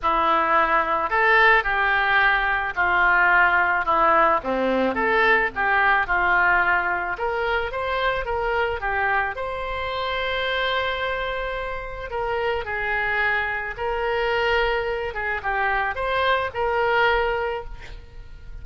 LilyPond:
\new Staff \with { instrumentName = "oboe" } { \time 4/4 \tempo 4 = 109 e'2 a'4 g'4~ | g'4 f'2 e'4 | c'4 a'4 g'4 f'4~ | f'4 ais'4 c''4 ais'4 |
g'4 c''2.~ | c''2 ais'4 gis'4~ | gis'4 ais'2~ ais'8 gis'8 | g'4 c''4 ais'2 | }